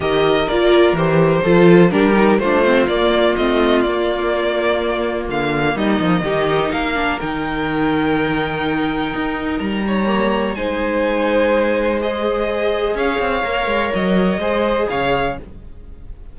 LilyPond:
<<
  \new Staff \with { instrumentName = "violin" } { \time 4/4 \tempo 4 = 125 dis''4 d''4 c''2 | ais'4 c''4 d''4 dis''4 | d''2. f''4 | dis''2 f''4 g''4~ |
g''1 | ais''2 gis''2~ | gis''4 dis''2 f''4~ | f''4 dis''2 f''4 | }
  \new Staff \with { instrumentName = "violin" } { \time 4/4 ais'2. a'4 | g'4 f'2.~ | f'1 | dis'4 g'4 ais'2~ |
ais'1~ | ais'8 cis''4. c''2~ | c''2. cis''4~ | cis''2 c''4 cis''4 | }
  \new Staff \with { instrumentName = "viola" } { \time 4/4 g'4 f'4 g'4 f'4 | d'8 dis'8 d'8 c'8 ais4 c'4 | ais1~ | ais4 dis'4. d'8 dis'4~ |
dis'1~ | dis'4 ais4 dis'2~ | dis'4 gis'2. | ais'2 gis'2 | }
  \new Staff \with { instrumentName = "cello" } { \time 4/4 dis4 ais4 e4 f4 | g4 a4 ais4 a4 | ais2. d4 | g8 f8 dis4 ais4 dis4~ |
dis2. dis'4 | g2 gis2~ | gis2. cis'8 c'8 | ais8 gis8 fis4 gis4 cis4 | }
>>